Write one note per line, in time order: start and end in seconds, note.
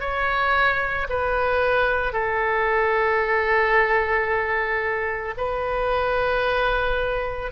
0.00 1.07 C#5
1.09 2.13 B4
2.13 5.34 A4
5.37 7.51 B4